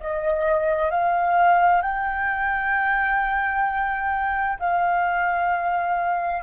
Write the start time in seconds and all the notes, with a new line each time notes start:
0.00 D#5
0.91 F5
1.82 G5
4.60 F5